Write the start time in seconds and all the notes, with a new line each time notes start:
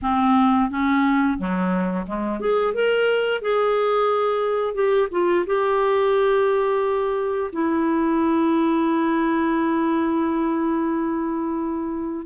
0.02 C4
0.70 C#4
1.38 F#3
2.06 G#3
2.40 G#4
2.73 A#4
3.41 G#4
4.74 G4
5.11 F4
5.46 G4
7.52 E4